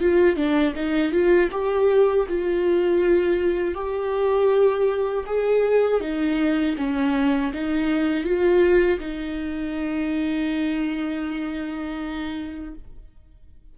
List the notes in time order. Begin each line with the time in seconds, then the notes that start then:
0.00 F4
0.36 D4
0.75 D#4
1.11 F4
1.51 G4
2.28 F4
3.74 G4
5.26 G#4
6.00 D#4
6.77 C#4
7.53 D#4
8.24 F4
8.99 D#4